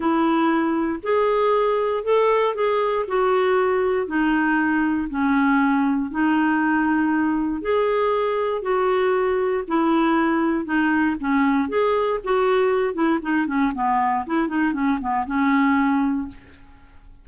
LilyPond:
\new Staff \with { instrumentName = "clarinet" } { \time 4/4 \tempo 4 = 118 e'2 gis'2 | a'4 gis'4 fis'2 | dis'2 cis'2 | dis'2. gis'4~ |
gis'4 fis'2 e'4~ | e'4 dis'4 cis'4 gis'4 | fis'4. e'8 dis'8 cis'8 b4 | e'8 dis'8 cis'8 b8 cis'2 | }